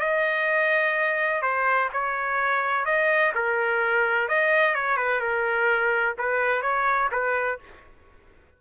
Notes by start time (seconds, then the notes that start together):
0.00 D#5
1.42 C5
1.93 C#5
2.85 D#5
3.35 A#4
4.28 D#5
4.75 C#5
4.97 B4
5.20 A#4
6.18 B4
6.62 C#5
7.11 B4